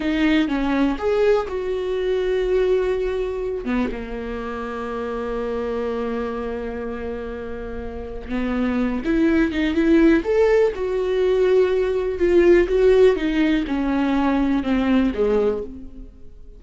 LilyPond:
\new Staff \with { instrumentName = "viola" } { \time 4/4 \tempo 4 = 123 dis'4 cis'4 gis'4 fis'4~ | fis'2.~ fis'8 b8 | ais1~ | ais1~ |
ais4 b4. e'4 dis'8 | e'4 a'4 fis'2~ | fis'4 f'4 fis'4 dis'4 | cis'2 c'4 gis4 | }